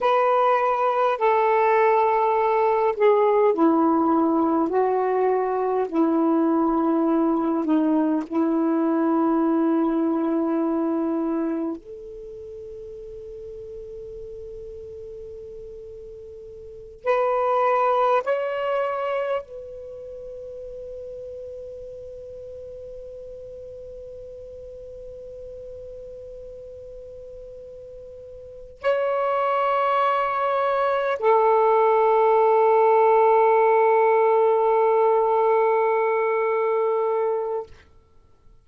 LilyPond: \new Staff \with { instrumentName = "saxophone" } { \time 4/4 \tempo 4 = 51 b'4 a'4. gis'8 e'4 | fis'4 e'4. dis'8 e'4~ | e'2 a'2~ | a'2~ a'8 b'4 cis''8~ |
cis''8 b'2.~ b'8~ | b'1~ | b'8 cis''2 a'4.~ | a'1 | }